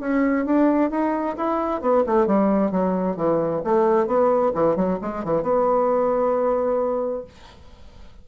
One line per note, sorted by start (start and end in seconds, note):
0.00 0.45 C#4
0.45 0.90 D4
0.90 1.36 D#4
1.37 1.81 E4
1.81 2.04 B3
2.06 2.27 A3
2.27 2.71 G3
2.71 3.16 F#3
3.16 3.62 E3
3.64 4.07 A3
4.07 4.52 B3
4.54 4.76 E3
4.76 4.98 F#3
5.02 5.24 G#3
5.25 5.43 E3
5.43 7.24 B3